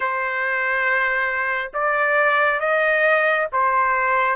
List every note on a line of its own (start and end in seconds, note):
0.00 1.71 C5
1.74 2.60 D5
2.60 3.47 D#5
3.52 4.36 C5